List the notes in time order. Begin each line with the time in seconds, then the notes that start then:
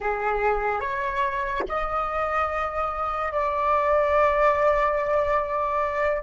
0.00 G#4
0.80 C#5
1.68 D#5
3.32 D5